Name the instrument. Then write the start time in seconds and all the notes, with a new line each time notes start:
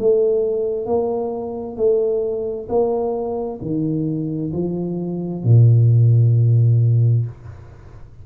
tuba
0.00 A3
0.86 A#3
1.77 A3
2.69 A#3
3.62 D#3
4.53 F3
5.44 A#2